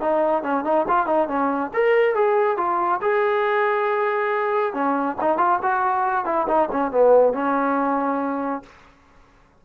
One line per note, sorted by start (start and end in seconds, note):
0.00 0.43 D#4
0.43 0.64 C#4
0.64 0.86 D#4
0.88 1.06 F4
1.06 1.28 D#4
1.28 1.71 C#4
1.73 2.14 A#4
2.14 2.57 G#4
2.57 3.00 F4
3.01 4.73 G#4
4.73 5.16 C#4
5.20 5.37 D#4
5.37 5.59 F4
5.62 6.25 F#4
6.25 6.46 E4
6.47 6.69 D#4
6.71 6.91 C#4
6.91 7.33 B3
7.33 8.63 C#4